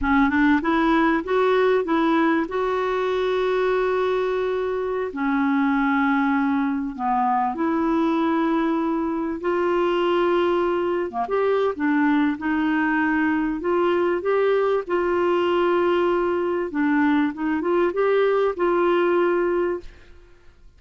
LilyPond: \new Staff \with { instrumentName = "clarinet" } { \time 4/4 \tempo 4 = 97 cis'8 d'8 e'4 fis'4 e'4 | fis'1~ | fis'16 cis'2. b8.~ | b16 e'2. f'8.~ |
f'2 ais16 g'8. d'4 | dis'2 f'4 g'4 | f'2. d'4 | dis'8 f'8 g'4 f'2 | }